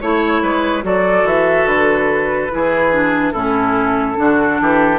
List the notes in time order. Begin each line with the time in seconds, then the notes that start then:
0.00 A3 E4 C#5
0.42 G#3 B4
0.82 F#3 F#4 A4 D5
1.24 E3 E5
1.66 D3 B4
2.50 E3 E4 G#4
2.92 D4
3.32 A2 C#4 E4 A4
4.16 D3 D4 F#4
4.61 E3 G4